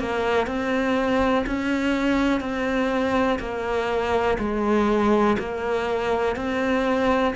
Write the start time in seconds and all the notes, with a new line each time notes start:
0.00 A#3
0.47 C4
1.47 C#4
2.41 C4
3.40 A#3
4.39 G#3
5.39 A#3
6.37 C4